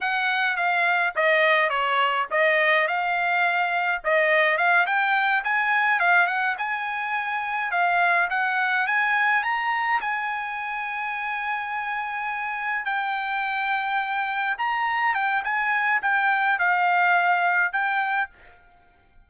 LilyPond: \new Staff \with { instrumentName = "trumpet" } { \time 4/4 \tempo 4 = 105 fis''4 f''4 dis''4 cis''4 | dis''4 f''2 dis''4 | f''8 g''4 gis''4 f''8 fis''8 gis''8~ | gis''4. f''4 fis''4 gis''8~ |
gis''8 ais''4 gis''2~ gis''8~ | gis''2~ gis''8 g''4.~ | g''4. ais''4 g''8 gis''4 | g''4 f''2 g''4 | }